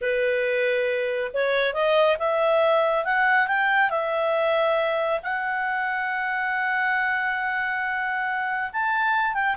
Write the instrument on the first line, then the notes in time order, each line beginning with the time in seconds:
clarinet
0.01 B4
1.33 C#5
1.73 D#5
2.18 E5
3.04 F#5
3.47 G5
3.90 E5
5.22 F#5
8.72 A5
9.34 G5